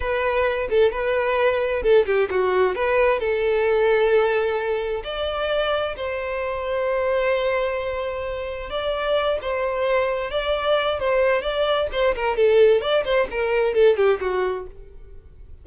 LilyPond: \new Staff \with { instrumentName = "violin" } { \time 4/4 \tempo 4 = 131 b'4. a'8 b'2 | a'8 g'8 fis'4 b'4 a'4~ | a'2. d''4~ | d''4 c''2.~ |
c''2. d''4~ | d''8 c''2 d''4. | c''4 d''4 c''8 ais'8 a'4 | d''8 c''8 ais'4 a'8 g'8 fis'4 | }